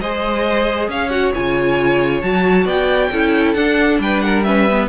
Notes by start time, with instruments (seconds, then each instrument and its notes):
0.00 cello G#3, viola G#4, violin C5 D#5
0.88 cello C#4, violin C#5 F5
1.10 viola F#4, violin F#5
1.34 cello C#3, viola F4, violin G#5
2.21 cello F#3, viola F#4, violin A5
2.65 cello B3, violin D5 G5
3.12 cello C#4, viola E4, violin A4
3.54 cello D4, viola D4, violin F#5
3.99 cello G3, violin B4 G5
4.20 violin A#4 F#5
4.43 viola C#4, violin B4 E5
4.70 viola B3